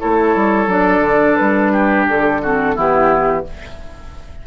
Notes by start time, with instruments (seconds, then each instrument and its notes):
0.00 bassoon A3, clarinet E4, oboe A4, flute C#5
0.36 bassoon G3
0.67 bassoon F#3, clarinet D4, flute D5
1.00 bassoon D3
1.36 bassoon G3, flute B4
1.73 oboe G4
2.08 bassoon D3, flute A4
2.43 clarinet C4, oboe F#4
2.75 bassoon E3, clarinet B3, oboe E4, flute G4